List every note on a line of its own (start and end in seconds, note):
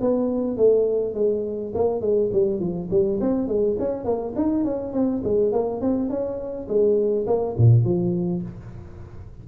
0.00 0.56 B3
0.56 1.14 A3
1.14 1.72 G#3
1.74 2.01 A#3
2.01 2.30 G#3
2.32 2.59 G3
2.59 2.89 F3
2.90 3.19 G3
3.20 3.47 C4
3.47 3.76 G#3
3.79 4.04 C#4
4.04 4.33 A#3
4.35 4.64 D#4
4.64 4.92 C#4
4.92 5.22 C4
5.23 5.52 G#3
5.52 5.80 A#3
5.80 6.09 C4
6.09 6.67 C#4
6.68 7.26 G#3
7.26 7.55 A#3
7.57 7.83 A#2
7.83 8.42 F3